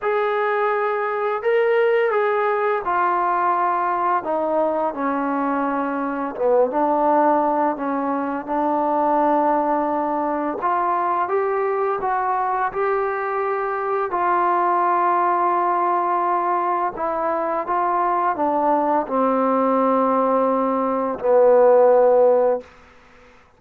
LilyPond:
\new Staff \with { instrumentName = "trombone" } { \time 4/4 \tempo 4 = 85 gis'2 ais'4 gis'4 | f'2 dis'4 cis'4~ | cis'4 b8 d'4. cis'4 | d'2. f'4 |
g'4 fis'4 g'2 | f'1 | e'4 f'4 d'4 c'4~ | c'2 b2 | }